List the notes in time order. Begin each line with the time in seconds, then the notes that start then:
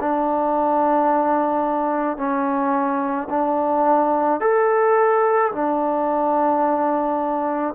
0.00 D4
2.17 C#4
3.29 D4
4.40 A4
5.52 D4